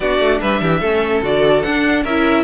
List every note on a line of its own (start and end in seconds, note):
0.00 0.19 B3
0.00 0.83 D4
0.00 0.40 F#4
0.00 0.39 D5
0.19 0.40 A3
0.40 0.61 G3
0.40 0.61 B4
0.40 1.23 E5
0.61 0.81 E3
0.61 0.80 G4
0.80 1.22 A3
0.80 1.22 C#4
0.80 2.02 A4
1.22 1.63 D3
1.22 1.63 F#4
1.22 1.62 D5
1.62 2.04 D4
1.62 2.07 D4
1.62 2.03 F#5
2.03 2.43 C#4
2.03 2.43 E4
2.03 2.43 A#4
2.03 2.43 E5